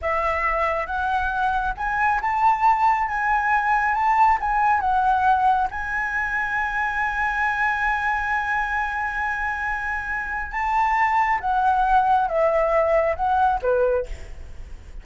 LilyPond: \new Staff \with { instrumentName = "flute" } { \time 4/4 \tempo 4 = 137 e''2 fis''2 | gis''4 a''2 gis''4~ | gis''4 a''4 gis''4 fis''4~ | fis''4 gis''2.~ |
gis''1~ | gis''1 | a''2 fis''2 | e''2 fis''4 b'4 | }